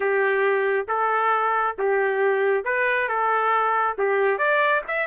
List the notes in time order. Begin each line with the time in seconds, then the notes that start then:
0.00 G4
0.88 A4
1.78 G4
2.64 B4
3.08 A4
3.98 G4
4.38 D5
4.87 E5